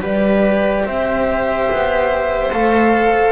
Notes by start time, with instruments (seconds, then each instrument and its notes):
0.00 double bass G3, cello G4, viola B4, flute D5
0.85 double bass C4, viola C5, flute E5
1.70 double bass B3
2.52 double bass A3, cello A4, flute F5